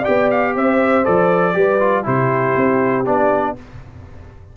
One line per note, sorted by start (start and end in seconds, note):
0.00 1.04 G4
0.00 0.50 D5
0.00 0.30 G5
0.08 0.56 B3
0.31 0.56 F5
0.55 1.06 C4
0.55 1.56 C5
0.55 1.05 E5
1.04 1.56 F3
1.04 1.53 A4
1.04 2.06 D5
1.53 2.06 G3
1.53 1.79 G4
1.53 2.04 B4
1.79 2.04 F4
2.04 2.56 C3
2.04 3.05 E4
2.04 3.55 G4
2.04 3.06 C5
2.56 3.06 C4
3.06 3.57 B3
3.06 3.56 D4
3.06 3.56 D5